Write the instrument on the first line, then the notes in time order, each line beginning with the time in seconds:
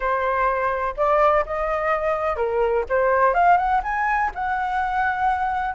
flute
0.00 C5
0.96 D5
1.45 D#5
2.36 A#4
2.89 C5
3.33 F5
3.57 F#5
3.83 G#5
4.34 F#5